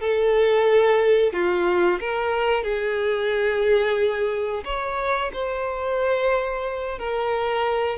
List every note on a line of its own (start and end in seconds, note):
0.00 1.32 A4
1.32 1.99 F4
1.99 2.63 A#4
2.63 4.63 G#4
4.64 5.31 C#5
5.32 6.98 C5
6.98 7.98 A#4